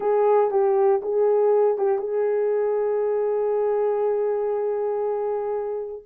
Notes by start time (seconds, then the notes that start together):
0.00 G#4
0.50 G4
1.02 G#4
1.78 G4
1.98 G#4